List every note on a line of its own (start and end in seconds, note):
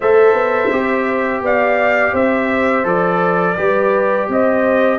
0.00 0.33 A3
0.00 0.71 A4
0.00 1.43 C5
0.00 1.43 E5
0.33 0.69 B3
0.71 1.41 C4
0.71 2.84 G4
1.41 2.12 B3
1.41 2.13 D5
1.41 2.15 F5
2.13 2.84 C4
2.13 3.56 C5
2.13 2.86 E5
2.84 3.56 F3
2.84 3.55 A4
2.84 4.29 D5
3.56 4.28 G3
3.56 4.98 G4
3.56 4.28 B4
4.28 4.98 C4
4.28 4.98 C5
4.28 4.98 D#5